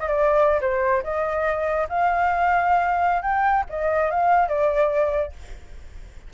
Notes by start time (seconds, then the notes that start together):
0.00 D#5
0.08 D5
0.62 C5
1.04 D#5
1.90 F5
3.23 G5
3.70 D#5
4.11 F5
4.49 D5